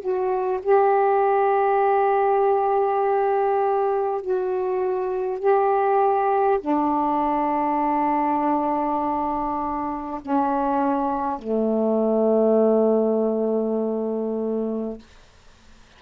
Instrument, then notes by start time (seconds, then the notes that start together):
saxophone
0.00 F#4
0.63 G4
4.21 F#4
5.39 G4
6.61 D4
10.22 C#4
11.39 A3